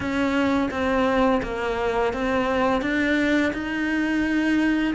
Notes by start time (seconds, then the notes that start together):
0.00 C#4
0.71 C4
1.42 A#3
2.13 C4
2.81 D4
3.53 D#4